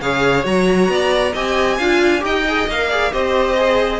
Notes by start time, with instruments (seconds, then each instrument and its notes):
0.00 cello C#3, viola G#4, violin C#5 F5
0.43 cello F#3, viola F#4, violin A#5
0.88 cello B3, violin D5
1.33 cello C4, viola G4, violin D#5 G#5
1.77 cello D4, viola F4, violin F5
2.19 cello D#4, viola G4, violin D#5 G5
2.47 viola G#4
2.67 cello A#3, viola A#4, violin F5
2.89 viola G#4, violin D5
3.12 cello C4, viola G4, violin C5 D#5
3.57 viola G#4